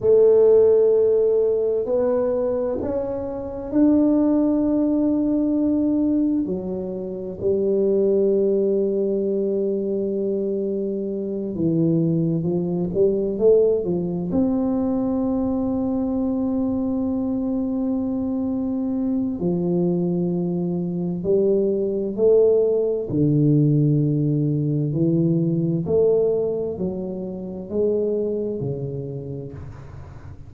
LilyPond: \new Staff \with { instrumentName = "tuba" } { \time 4/4 \tempo 4 = 65 a2 b4 cis'4 | d'2. fis4 | g1~ | g8 e4 f8 g8 a8 f8 c'8~ |
c'1~ | c'4 f2 g4 | a4 d2 e4 | a4 fis4 gis4 cis4 | }